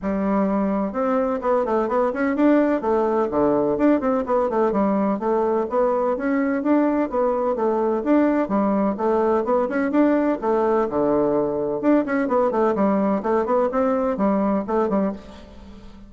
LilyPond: \new Staff \with { instrumentName = "bassoon" } { \time 4/4 \tempo 4 = 127 g2 c'4 b8 a8 | b8 cis'8 d'4 a4 d4 | d'8 c'8 b8 a8 g4 a4 | b4 cis'4 d'4 b4 |
a4 d'4 g4 a4 | b8 cis'8 d'4 a4 d4~ | d4 d'8 cis'8 b8 a8 g4 | a8 b8 c'4 g4 a8 g8 | }